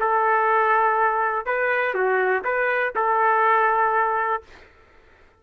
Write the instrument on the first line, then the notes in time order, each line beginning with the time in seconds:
trumpet
0.00 A4
1.45 B4
1.94 F#4
2.44 B4
2.95 A4